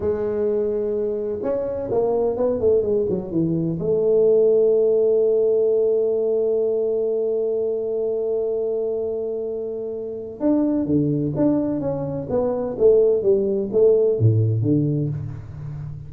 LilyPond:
\new Staff \with { instrumentName = "tuba" } { \time 4/4 \tempo 4 = 127 gis2. cis'4 | ais4 b8 a8 gis8 fis8 e4 | a1~ | a1~ |
a1~ | a2 d'4 d4 | d'4 cis'4 b4 a4 | g4 a4 a,4 d4 | }